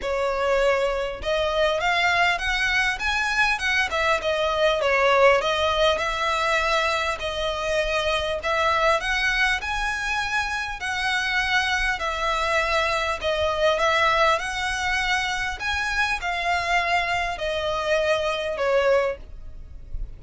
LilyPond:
\new Staff \with { instrumentName = "violin" } { \time 4/4 \tempo 4 = 100 cis''2 dis''4 f''4 | fis''4 gis''4 fis''8 e''8 dis''4 | cis''4 dis''4 e''2 | dis''2 e''4 fis''4 |
gis''2 fis''2 | e''2 dis''4 e''4 | fis''2 gis''4 f''4~ | f''4 dis''2 cis''4 | }